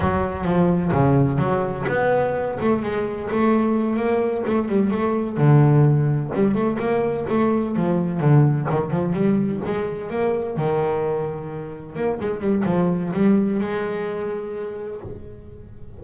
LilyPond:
\new Staff \with { instrumentName = "double bass" } { \time 4/4 \tempo 4 = 128 fis4 f4 cis4 fis4 | b4. a8 gis4 a4~ | a8 ais4 a8 g8 a4 d8~ | d4. g8 a8 ais4 a8~ |
a8 f4 d4 dis8 f8 g8~ | g8 gis4 ais4 dis4.~ | dis4. ais8 gis8 g8 f4 | g4 gis2. | }